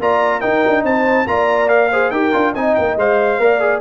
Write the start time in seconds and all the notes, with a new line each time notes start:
0.00 A#3 F4 D5 A#5
0.40 D#4 A#4 G5
0.67 D4
0.84 C4 C5 A5
1.27 A#3 F4 D5 A#5
1.68 A#4 F5
1.91 G#4 C5
2.11 D#4 G4 A#4 G5
2.32 D4 F4
2.53 C4 D#4 D#5 G#5
2.75 A#3 G5
2.97 G#3 C5 F5
3.39 A#3 A#4 D5
3.60 G#4